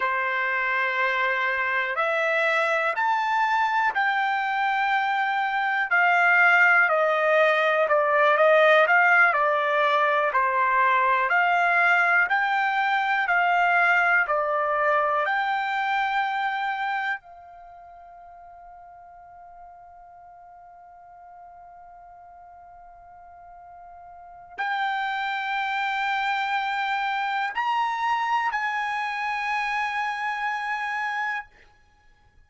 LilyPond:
\new Staff \with { instrumentName = "trumpet" } { \time 4/4 \tempo 4 = 61 c''2 e''4 a''4 | g''2 f''4 dis''4 | d''8 dis''8 f''8 d''4 c''4 f''8~ | f''8 g''4 f''4 d''4 g''8~ |
g''4. f''2~ f''8~ | f''1~ | f''4 g''2. | ais''4 gis''2. | }